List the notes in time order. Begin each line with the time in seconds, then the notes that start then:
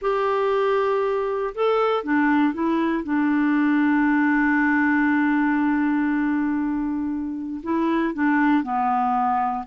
0.01 G4
1.54 A4
2.03 D4
2.53 E4
3.03 D4
7.63 E4
8.14 D4
8.63 B3